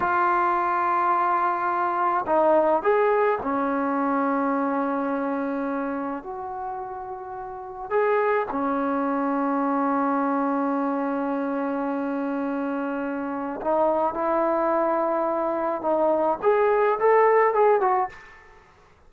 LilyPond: \new Staff \with { instrumentName = "trombone" } { \time 4/4 \tempo 4 = 106 f'1 | dis'4 gis'4 cis'2~ | cis'2. fis'4~ | fis'2 gis'4 cis'4~ |
cis'1~ | cis'1 | dis'4 e'2. | dis'4 gis'4 a'4 gis'8 fis'8 | }